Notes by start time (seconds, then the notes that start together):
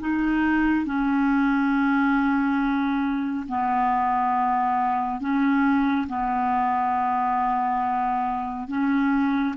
0.00 D#4
0.85 C#4
3.48 B3
5.20 C#4
6.08 B3
8.68 C#4